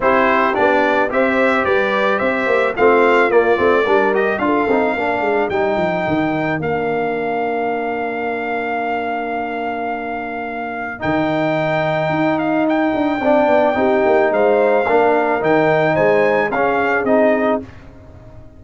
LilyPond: <<
  \new Staff \with { instrumentName = "trumpet" } { \time 4/4 \tempo 4 = 109 c''4 d''4 e''4 d''4 | e''4 f''4 d''4. dis''8 | f''2 g''2 | f''1~ |
f''1 | g''2~ g''8 f''8 g''4~ | g''2 f''2 | g''4 gis''4 f''4 dis''4 | }
  \new Staff \with { instrumentName = "horn" } { \time 4/4 g'2 c''4 b'4 | c''4 f'2 ais'4 | a'4 ais'2.~ | ais'1~ |
ais'1~ | ais'1 | d''4 g'4 c''4 ais'4~ | ais'4 c''4 gis'2 | }
  \new Staff \with { instrumentName = "trombone" } { \time 4/4 e'4 d'4 g'2~ | g'4 c'4 ais8 c'8 d'8 g'8 | f'8 dis'8 d'4 dis'2 | d'1~ |
d'1 | dis'1 | d'4 dis'2 d'4 | dis'2 cis'4 dis'4 | }
  \new Staff \with { instrumentName = "tuba" } { \time 4/4 c'4 b4 c'4 g4 | c'8 ais8 a4 ais8 a8 g4 | d'8 c'8 ais8 gis8 g8 f8 dis4 | ais1~ |
ais1 | dis2 dis'4. d'8 | c'8 b8 c'8 ais8 gis4 ais4 | dis4 gis4 cis'4 c'4 | }
>>